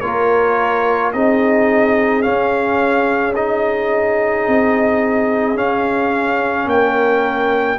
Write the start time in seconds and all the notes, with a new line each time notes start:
0.00 A#3 F4 A#4 C#5
1.12 C4 D#4 G#4 D#5
2.22 C#4 F5
3.35 D#4 D#5
4.47 C4
5.55 C#4 F5
6.66 A#3 G5
6.73 A#4